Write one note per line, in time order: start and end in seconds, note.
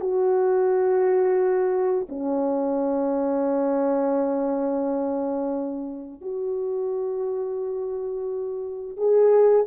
0.00 2.07 F#4
2.09 6.21 C#4
6.21 8.97 F#4
8.97 9.66 G#4